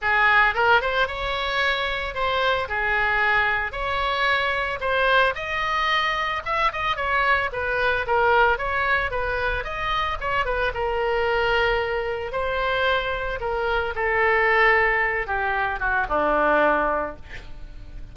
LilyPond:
\new Staff \with { instrumentName = "oboe" } { \time 4/4 \tempo 4 = 112 gis'4 ais'8 c''8 cis''2 | c''4 gis'2 cis''4~ | cis''4 c''4 dis''2 | e''8 dis''8 cis''4 b'4 ais'4 |
cis''4 b'4 dis''4 cis''8 b'8 | ais'2. c''4~ | c''4 ais'4 a'2~ | a'8 g'4 fis'8 d'2 | }